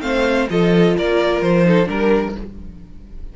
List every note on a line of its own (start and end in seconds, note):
0.00 0.48 A3
0.00 0.47 C4
0.00 0.49 C5
0.00 0.47 F5
0.50 0.96 F3
0.50 1.65 F4
0.50 0.97 A4
0.50 0.97 D#5
0.97 1.41 A#3
0.97 1.66 A#4
0.97 1.41 D5
1.41 1.88 F3
1.41 1.88 C5
1.65 1.85 D#4
1.65 1.88 A4
1.85 2.35 G3
1.85 2.32 D4
1.85 2.34 A#4
1.85 2.36 A#4